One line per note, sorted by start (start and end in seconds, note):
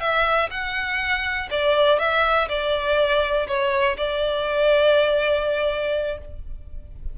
0.00 0.49 E5
0.50 1.49 F#5
1.50 1.99 D5
1.99 2.48 E5
2.48 3.47 D5
3.47 3.96 C#5
3.97 6.18 D5